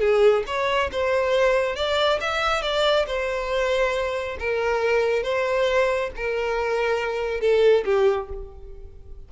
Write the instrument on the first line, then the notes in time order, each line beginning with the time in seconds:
violin
0.00 G#4
0.46 C#5
0.92 C5
1.75 D5
2.21 E5
2.62 D5
3.07 C5
4.39 A#4
5.23 C5
6.16 A#4
7.41 A4
7.85 G4